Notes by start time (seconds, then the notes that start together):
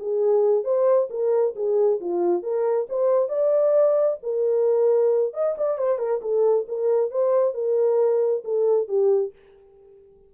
0.00 G#4
0.64 C5
1.10 A#4
1.56 G#4
2.01 F4
2.43 A#4
2.90 C5
3.29 D5
4.23 A#4
5.34 D#5
5.58 D5
5.79 C5
5.99 A#4
6.22 A4
6.69 A#4
7.12 C5
7.55 A#4
8.45 A4
8.88 G4